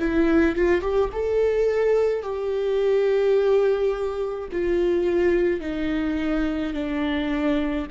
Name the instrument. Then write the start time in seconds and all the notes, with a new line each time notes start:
viola
0.00 E4
0.56 F4
0.82 G4
1.13 A4
2.23 G4
4.52 F4
5.61 D#4
6.74 D4